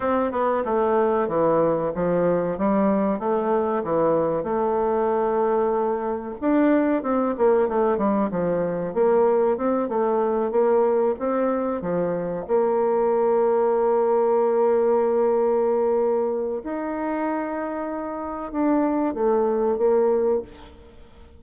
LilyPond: \new Staff \with { instrumentName = "bassoon" } { \time 4/4 \tempo 4 = 94 c'8 b8 a4 e4 f4 | g4 a4 e4 a4~ | a2 d'4 c'8 ais8 | a8 g8 f4 ais4 c'8 a8~ |
a8 ais4 c'4 f4 ais8~ | ais1~ | ais2 dis'2~ | dis'4 d'4 a4 ais4 | }